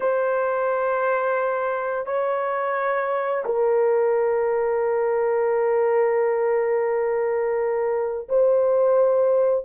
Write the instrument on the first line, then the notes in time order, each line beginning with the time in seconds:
horn
0.00 C5
2.06 C#5
3.45 A#4
8.29 C5